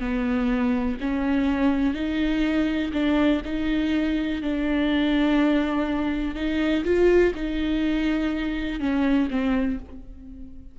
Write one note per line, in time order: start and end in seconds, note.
0.00 0.98 B3
1.01 1.94 C#4
1.94 2.92 D#4
2.93 3.42 D4
3.45 4.42 D#4
4.42 6.35 D4
6.35 6.84 D#4
6.85 7.33 F4
7.35 8.80 D#4
8.80 9.29 C#4
9.31 9.79 C4